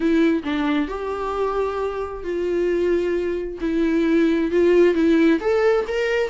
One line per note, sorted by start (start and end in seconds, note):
0.00 0.42 E4
0.43 0.88 D4
0.88 2.23 G4
2.23 3.59 F4
3.60 4.51 E4
4.51 4.94 F4
4.94 5.39 E4
5.40 5.85 A4
5.87 6.30 A#4